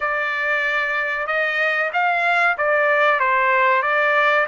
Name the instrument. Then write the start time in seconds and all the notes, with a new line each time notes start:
trumpet
0.00 D5
1.26 D#5
1.93 F5
2.57 D5
3.19 C5
3.82 D5